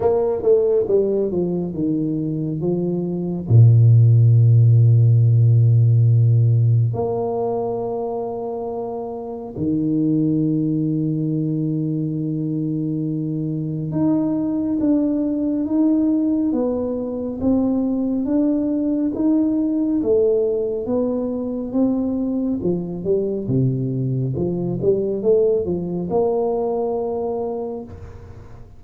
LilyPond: \new Staff \with { instrumentName = "tuba" } { \time 4/4 \tempo 4 = 69 ais8 a8 g8 f8 dis4 f4 | ais,1 | ais2. dis4~ | dis1 |
dis'4 d'4 dis'4 b4 | c'4 d'4 dis'4 a4 | b4 c'4 f8 g8 c4 | f8 g8 a8 f8 ais2 | }